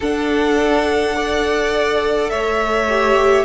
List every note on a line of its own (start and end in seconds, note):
0.00 2.31 D4
0.00 1.13 D4
0.00 1.15 A4
0.00 2.29 F#5
1.13 2.87 A4
1.13 2.31 D5
2.29 3.44 A3
2.29 3.44 C#5
2.29 3.44 E5
2.88 3.44 G4